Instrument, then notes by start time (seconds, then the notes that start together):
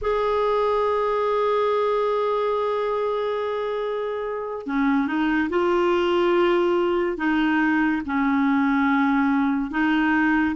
clarinet
0.01 G#4
4.66 C#4
5.07 D#4
5.49 F4
7.17 D#4
8.05 C#4
9.70 D#4